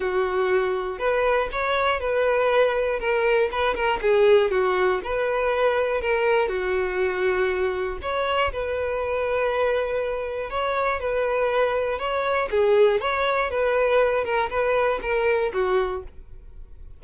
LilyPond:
\new Staff \with { instrumentName = "violin" } { \time 4/4 \tempo 4 = 120 fis'2 b'4 cis''4 | b'2 ais'4 b'8 ais'8 | gis'4 fis'4 b'2 | ais'4 fis'2. |
cis''4 b'2.~ | b'4 cis''4 b'2 | cis''4 gis'4 cis''4 b'4~ | b'8 ais'8 b'4 ais'4 fis'4 | }